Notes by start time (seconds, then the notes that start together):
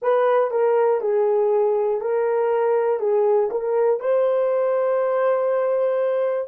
0.01 B4
0.50 A#4
1.00 G#4
2.00 A#4
3.00 G#4
3.50 A#4
4.00 C5